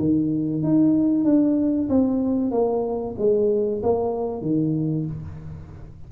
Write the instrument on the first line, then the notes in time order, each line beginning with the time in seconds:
tuba
0.00 D#3
0.63 D#4
1.25 D4
1.89 C4
2.52 A#3
3.19 G#3
3.83 A#3
4.42 D#3